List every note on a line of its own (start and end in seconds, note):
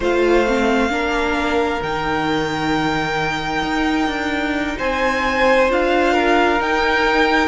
0.00 0.89 A3
0.00 0.46 F4
0.00 0.91 C5
0.00 1.82 F5
0.46 0.89 C4
0.89 1.80 A#3
0.89 1.80 D4
0.89 4.77 A#4
1.82 3.62 D#3
1.82 5.69 D#4
1.82 4.77 G5
3.62 4.07 D#4
4.07 4.75 D4
4.77 5.69 C4
4.77 6.13 C5
4.77 5.70 G#5
5.69 6.60 D4
5.69 6.58 F4
5.69 6.61 F5
6.13 7.47 A#4
6.58 7.47 D#4
6.58 7.47 G5